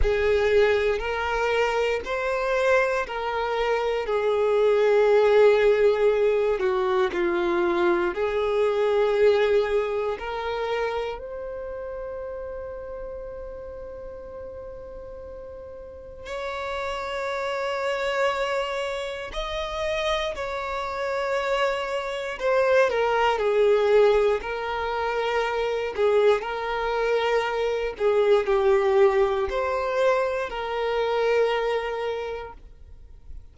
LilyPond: \new Staff \with { instrumentName = "violin" } { \time 4/4 \tempo 4 = 59 gis'4 ais'4 c''4 ais'4 | gis'2~ gis'8 fis'8 f'4 | gis'2 ais'4 c''4~ | c''1 |
cis''2. dis''4 | cis''2 c''8 ais'8 gis'4 | ais'4. gis'8 ais'4. gis'8 | g'4 c''4 ais'2 | }